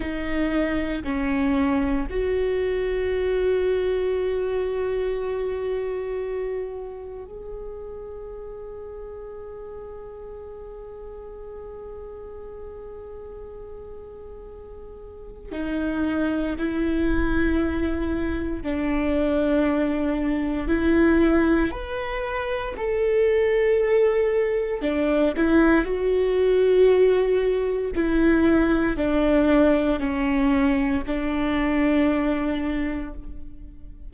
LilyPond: \new Staff \with { instrumentName = "viola" } { \time 4/4 \tempo 4 = 58 dis'4 cis'4 fis'2~ | fis'2. gis'4~ | gis'1~ | gis'2. dis'4 |
e'2 d'2 | e'4 b'4 a'2 | d'8 e'8 fis'2 e'4 | d'4 cis'4 d'2 | }